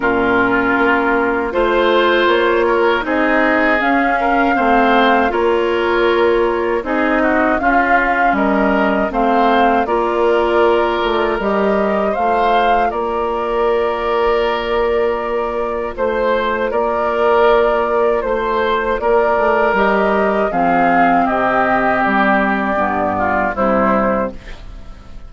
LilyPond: <<
  \new Staff \with { instrumentName = "flute" } { \time 4/4 \tempo 4 = 79 ais'2 c''4 cis''4 | dis''4 f''2 cis''4~ | cis''4 dis''4 f''4 dis''4 | f''4 d''2 dis''4 |
f''4 d''2.~ | d''4 c''4 d''2 | c''4 d''4 dis''4 f''4 | dis''4 d''2 c''4 | }
  \new Staff \with { instrumentName = "oboe" } { \time 4/4 f'2 c''4. ais'8 | gis'4. ais'8 c''4 ais'4~ | ais'4 gis'8 fis'8 f'4 ais'4 | c''4 ais'2. |
c''4 ais'2.~ | ais'4 c''4 ais'2 | c''4 ais'2 gis'4 | g'2~ g'8 f'8 e'4 | }
  \new Staff \with { instrumentName = "clarinet" } { \time 4/4 cis'2 f'2 | dis'4 cis'4 c'4 f'4~ | f'4 dis'4 cis'2 | c'4 f'2 g'4 |
f'1~ | f'1~ | f'2 g'4 c'4~ | c'2 b4 g4 | }
  \new Staff \with { instrumentName = "bassoon" } { \time 4/4 ais,4 ais4 a4 ais4 | c'4 cis'4 a4 ais4~ | ais4 c'4 cis'4 g4 | a4 ais4. a8 g4 |
a4 ais2.~ | ais4 a4 ais2 | a4 ais8 a8 g4 f4 | c4 g4 g,4 c4 | }
>>